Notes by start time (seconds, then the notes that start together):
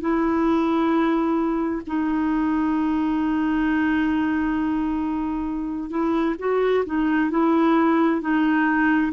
0.00 E4
1.87 D#4
5.90 E4
6.39 F#4
6.86 D#4
7.30 E4
8.21 D#4